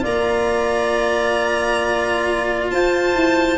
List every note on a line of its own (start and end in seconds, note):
0.00 2.71 A#3
0.00 3.58 F4
0.00 2.71 D5
0.00 2.70 A#5
2.70 3.15 F4
2.70 3.58 C5
2.70 3.58 A5
3.15 3.58 E4